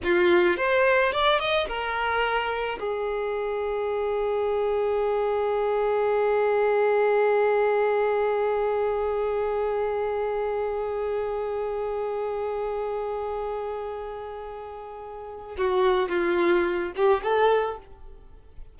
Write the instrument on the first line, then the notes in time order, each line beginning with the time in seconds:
violin
0.03 F4
0.56 C5
1.12 D5
1.39 D#5
1.67 A#4
2.79 G#4
15.57 F#4
16.09 F4
16.96 G4
17.22 A4